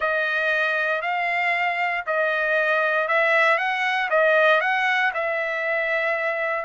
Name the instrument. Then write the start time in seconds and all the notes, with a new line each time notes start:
trumpet
0.00 D#5
1.01 F5
2.06 D#5
3.08 E5
3.58 F#5
4.09 D#5
4.60 F#5
5.14 E5